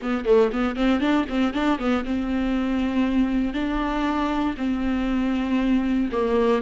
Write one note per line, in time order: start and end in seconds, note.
0.01 0.25 B3
0.25 0.50 A3
0.52 0.76 B3
0.76 1.00 C4
1.00 1.25 D4
1.29 1.53 C4
1.53 1.78 D4
1.78 2.04 B3
2.05 3.53 C4
3.53 4.55 D4
4.57 6.09 C4
6.12 6.62 A#3